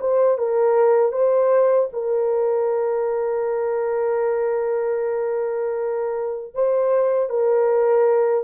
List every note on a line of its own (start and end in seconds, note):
0.00 0.38 C5
0.38 1.12 A#4
1.12 1.88 C5
1.92 6.54 A#4
6.54 7.29 C5
7.29 8.44 A#4